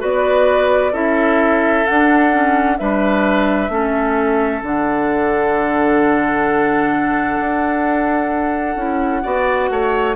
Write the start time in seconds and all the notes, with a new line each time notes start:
0.00 B3 F#4 B4 D5
0.93 C#4 E4 A4 E5
1.87 D4 F#5
2.32 C#4
2.78 G3 D4 B4 E5
3.69 A3 C#4 A4
4.63 D3 D4 F#5
7.40 D4
8.76 C#4 E4
9.23 B3 F#4 D5
9.70 A3 C#5